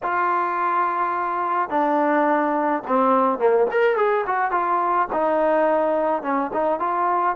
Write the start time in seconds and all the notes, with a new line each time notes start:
0.03 F4
1.69 D4
2.87 C4
3.38 A#3
3.71 A#4
3.96 G#4
4.26 F#4
4.51 F4
5.12 D#4
6.22 C#4
6.53 D#4
6.79 F4